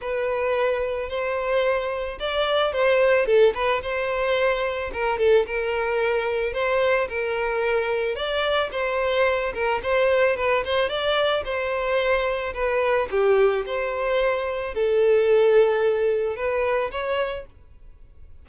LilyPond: \new Staff \with { instrumentName = "violin" } { \time 4/4 \tempo 4 = 110 b'2 c''2 | d''4 c''4 a'8 b'8 c''4~ | c''4 ais'8 a'8 ais'2 | c''4 ais'2 d''4 |
c''4. ais'8 c''4 b'8 c''8 | d''4 c''2 b'4 | g'4 c''2 a'4~ | a'2 b'4 cis''4 | }